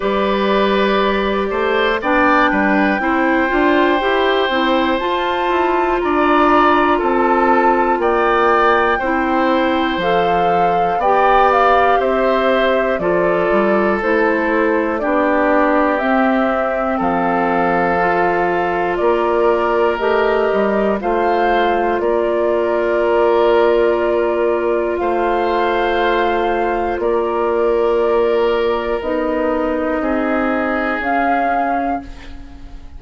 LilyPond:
<<
  \new Staff \with { instrumentName = "flute" } { \time 4/4 \tempo 4 = 60 d''2 g''2~ | g''4 a''4 ais''4 a''4 | g''2 f''4 g''8 f''8 | e''4 d''4 c''4 d''4 |
e''4 f''2 d''4 | dis''4 f''4 d''2~ | d''4 f''2 d''4~ | d''4 dis''2 f''4 | }
  \new Staff \with { instrumentName = "oboe" } { \time 4/4 b'4. c''8 d''8 b'8 c''4~ | c''2 d''4 a'4 | d''4 c''2 d''4 | c''4 a'2 g'4~ |
g'4 a'2 ais'4~ | ais'4 c''4 ais'2~ | ais'4 c''2 ais'4~ | ais'2 gis'2 | }
  \new Staff \with { instrumentName = "clarinet" } { \time 4/4 g'2 d'4 e'8 f'8 | g'8 e'8 f'2.~ | f'4 e'4 a'4 g'4~ | g'4 f'4 e'4 d'4 |
c'2 f'2 | g'4 f'2.~ | f'1~ | f'4 dis'2 cis'4 | }
  \new Staff \with { instrumentName = "bassoon" } { \time 4/4 g4. a8 b8 g8 c'8 d'8 | e'8 c'8 f'8 e'8 d'4 c'4 | ais4 c'4 f4 b4 | c'4 f8 g8 a4 b4 |
c'4 f2 ais4 | a8 g8 a4 ais2~ | ais4 a2 ais4~ | ais4 b4 c'4 cis'4 | }
>>